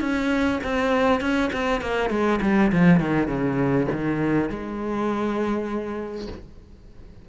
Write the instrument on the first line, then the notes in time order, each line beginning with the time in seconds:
cello
0.00 C#4
0.63 C4
1.20 C#4
1.53 C4
1.81 A#3
2.10 G#3
2.41 G3
2.71 F3
2.99 D#3
3.27 C#3
3.91 D#3
4.49 G#3